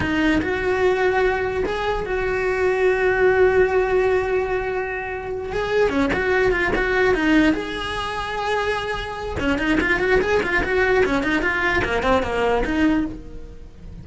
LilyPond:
\new Staff \with { instrumentName = "cello" } { \time 4/4 \tempo 4 = 147 dis'4 fis'2. | gis'4 fis'2.~ | fis'1~ | fis'4. gis'4 cis'8 fis'4 |
f'8 fis'4 dis'4 gis'4.~ | gis'2. cis'8 dis'8 | f'8 fis'8 gis'8 f'8 fis'4 cis'8 dis'8 | f'4 ais8 c'8 ais4 dis'4 | }